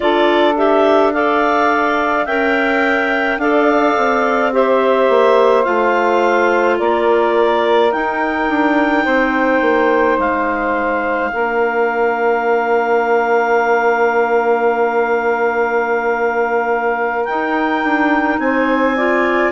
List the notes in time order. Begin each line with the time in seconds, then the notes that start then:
0.00 D4 F4 A4 D5
0.56 G4 E5
1.12 A4 D5 F5
2.25 C#4 A#4 E5 G5
3.38 D4 A4 D5 F5
3.97 C4
4.52 G4 C5 E5
5.09 A#3
5.63 A3 F4 F5
6.78 A#3 A#4 D5
7.92 D#4 G5
8.49 D4
9.04 C4 C5
9.61 A#3
10.18 G#3 F5
11.30 A#3 D4 A#4
17.24 D#4 G5
17.83 D4
18.38 C4 C5 G#5
18.95 F4 D5